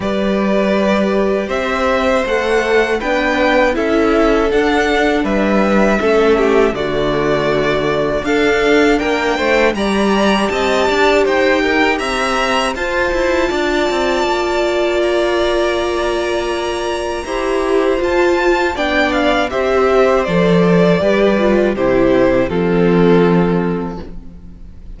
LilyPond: <<
  \new Staff \with { instrumentName = "violin" } { \time 4/4 \tempo 4 = 80 d''2 e''4 fis''4 | g''4 e''4 fis''4 e''4~ | e''4 d''2 f''4 | g''4 ais''4 a''4 g''4 |
ais''4 a''2. | ais''1 | a''4 g''8 f''8 e''4 d''4~ | d''4 c''4 a'2 | }
  \new Staff \with { instrumentName = "violin" } { \time 4/4 b'2 c''2 | b'4 a'2 b'4 | a'8 g'8 fis'2 a'4 | ais'8 c''8 d''4 dis''8 d''8 c''8 ais'8 |
e''4 c''4 d''2~ | d''2. c''4~ | c''4 d''4 c''2 | b'4 g'4 f'2 | }
  \new Staff \with { instrumentName = "viola" } { \time 4/4 g'2. a'4 | d'4 e'4 d'2 | cis'4 a2 d'4~ | d'4 g'2.~ |
g'4 f'2.~ | f'2. g'4 | f'4 d'4 g'4 a'4 | g'8 f'8 e'4 c'2 | }
  \new Staff \with { instrumentName = "cello" } { \time 4/4 g2 c'4 a4 | b4 cis'4 d'4 g4 | a4 d2 d'4 | ais8 a8 g4 c'8 d'8 dis'4 |
c'4 f'8 e'8 d'8 c'8 ais4~ | ais2. e'4 | f'4 b4 c'4 f4 | g4 c4 f2 | }
>>